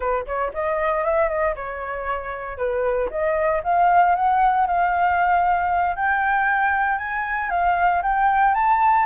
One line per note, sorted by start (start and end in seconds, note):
0.00 0.26 B4
0.26 0.52 C#5
0.53 1.04 D#5
1.04 1.28 E5
1.28 1.54 D#5
1.55 2.57 C#5
2.57 3.09 B4
3.10 3.62 D#5
3.63 4.15 F5
4.15 4.66 F#5
4.67 5.96 F5
5.96 6.98 G5
6.98 7.50 G#5
7.50 8.01 F5
8.02 8.54 G5
8.54 9.05 A5